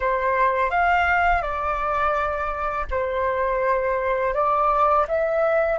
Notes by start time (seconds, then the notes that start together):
0.00 C5
0.70 F5
1.42 D5
2.90 C5
4.34 D5
5.08 E5